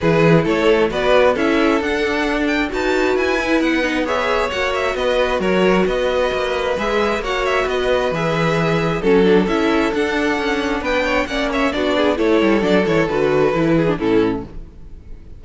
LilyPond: <<
  \new Staff \with { instrumentName = "violin" } { \time 4/4 \tempo 4 = 133 b'4 cis''4 d''4 e''4 | fis''4. g''8 a''4 gis''4 | fis''4 e''4 fis''8 e''8 dis''4 | cis''4 dis''2 e''4 |
fis''8 e''8 dis''4 e''2 | a'4 e''4 fis''2 | g''4 fis''8 e''8 d''4 cis''4 | d''8 cis''8 b'2 a'4 | }
  \new Staff \with { instrumentName = "violin" } { \time 4/4 gis'4 a'4 b'4 a'4~ | a'2 b'2~ | b'4 cis''2 b'4 | ais'4 b'2. |
cis''4 b'2. | a'1 | b'8 cis''8 d''8 cis''8 fis'8 gis'8 a'4~ | a'2~ a'8 gis'8 e'4 | }
  \new Staff \with { instrumentName = "viola" } { \time 4/4 e'2 fis'4 e'4 | d'2 fis'4. e'8~ | e'8 dis'8 gis'4 fis'2~ | fis'2. gis'4 |
fis'2 gis'2 | cis'8 d'8 e'4 d'2~ | d'4 cis'4 d'4 e'4 | d'8 e'8 fis'4 e'8. d'16 cis'4 | }
  \new Staff \with { instrumentName = "cello" } { \time 4/4 e4 a4 b4 cis'4 | d'2 dis'4 e'4 | b2 ais4 b4 | fis4 b4 ais4 gis4 |
ais4 b4 e2 | fis4 cis'4 d'4 cis'4 | b4 ais4 b4 a8 g8 | fis8 e8 d4 e4 a,4 | }
>>